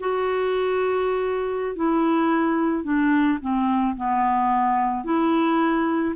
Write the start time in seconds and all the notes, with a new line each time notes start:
0.00 F#4
1.76 E4
2.84 D4
3.42 C4
3.97 B3
5.05 E4